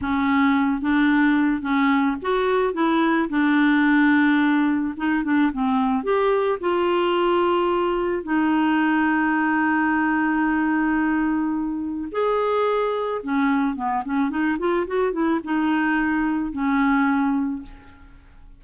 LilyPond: \new Staff \with { instrumentName = "clarinet" } { \time 4/4 \tempo 4 = 109 cis'4. d'4. cis'4 | fis'4 e'4 d'2~ | d'4 dis'8 d'8 c'4 g'4 | f'2. dis'4~ |
dis'1~ | dis'2 gis'2 | cis'4 b8 cis'8 dis'8 f'8 fis'8 e'8 | dis'2 cis'2 | }